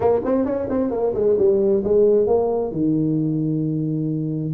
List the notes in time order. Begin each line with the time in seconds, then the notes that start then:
0.00 A#3
0.25 C4
0.45 C#4
0.69 C4
0.90 A#3
1.14 G#3
1.38 G3
1.83 G#3
2.26 A#3
2.71 D#3